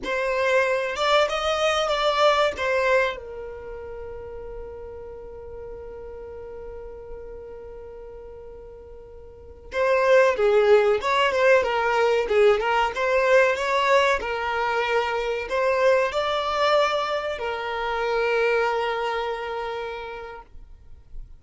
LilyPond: \new Staff \with { instrumentName = "violin" } { \time 4/4 \tempo 4 = 94 c''4. d''8 dis''4 d''4 | c''4 ais'2.~ | ais'1~ | ais'2.~ ais'16 c''8.~ |
c''16 gis'4 cis''8 c''8 ais'4 gis'8 ais'16~ | ais'16 c''4 cis''4 ais'4.~ ais'16~ | ais'16 c''4 d''2 ais'8.~ | ais'1 | }